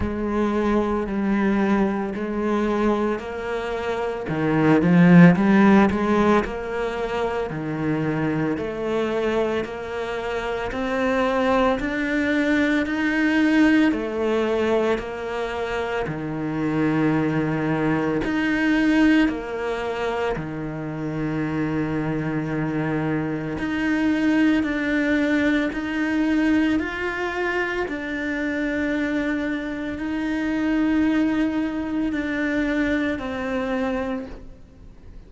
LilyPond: \new Staff \with { instrumentName = "cello" } { \time 4/4 \tempo 4 = 56 gis4 g4 gis4 ais4 | dis8 f8 g8 gis8 ais4 dis4 | a4 ais4 c'4 d'4 | dis'4 a4 ais4 dis4~ |
dis4 dis'4 ais4 dis4~ | dis2 dis'4 d'4 | dis'4 f'4 d'2 | dis'2 d'4 c'4 | }